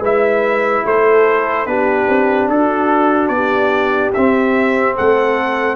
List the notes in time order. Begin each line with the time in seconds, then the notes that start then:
0.00 G#3 E4 B4 E5
0.85 A3 A4 C5
1.66 B3 D4 G4 B4
2.09 C4
2.49 D4 F#4 A4
3.28 B3 D5
3.35 G4
4.14 C4 E5
4.95 A3 A4 F#5